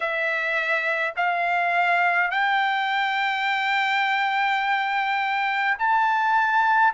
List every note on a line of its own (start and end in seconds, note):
0.00 1.14 E5
1.16 2.31 F5
2.31 5.77 G5
5.78 6.93 A5